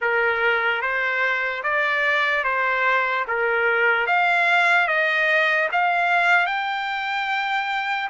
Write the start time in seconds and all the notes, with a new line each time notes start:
0.01 A#4
0.81 C5
1.63 D5
2.44 C5
3.27 A#4
4.07 F5
4.87 D#5
5.72 F5
6.46 G5